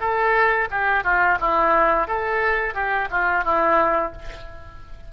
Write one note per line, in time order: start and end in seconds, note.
0.00 0.68 A4
0.70 1.04 G4
1.04 1.38 F4
1.40 2.07 E4
2.07 2.74 A4
2.74 3.08 G4
3.11 3.44 F4
3.44 4.12 E4